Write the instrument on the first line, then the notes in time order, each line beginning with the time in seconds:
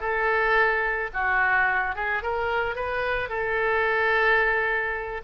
oboe
0.00 A4
1.13 F#4
1.95 G#4
2.22 A#4
2.75 B4
3.29 A4